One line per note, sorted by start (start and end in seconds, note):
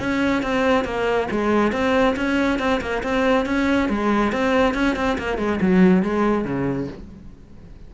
0.00 0.43 C#4
0.43 0.85 C4
0.85 1.28 A#3
1.31 1.72 G#3
1.72 2.16 C4
2.16 2.59 C#4
2.59 2.81 C4
2.81 3.03 A#3
3.04 3.46 C4
3.46 3.89 C#4
3.89 4.32 G#3
4.33 4.75 C4
4.75 4.96 C#4
4.96 5.18 C4
5.19 5.38 A#3
5.38 5.60 G#3
5.61 6.03 F#3
6.03 6.45 G#3
6.45 6.88 C#3